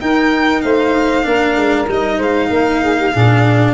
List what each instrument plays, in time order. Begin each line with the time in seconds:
0.00 cello D#4, tuba D#4, saxophone A#4, violin G5
0.62 tuba A3, saxophone C5, violin F5
1.23 tuba A#3, cello D4, saxophone A#4
1.56 tuba G#3
1.88 tuba G3, cello D#4, violin D#5
2.17 tuba G#3, saxophone C5, violin F5
2.50 tuba A#3, saxophone A#4
2.82 saxophone G#4
2.98 saxophone G4
3.11 tuba A#2, cello D4, saxophone G#4